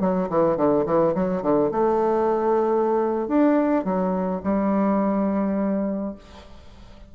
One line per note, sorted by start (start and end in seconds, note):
0.00 0.29 F#3
0.29 0.57 E3
0.57 0.85 D3
0.86 1.14 E3
1.15 1.42 F#3
1.42 1.71 D3
1.71 3.28 A3
3.28 3.84 D4
3.84 4.42 F#3
4.43 6.15 G3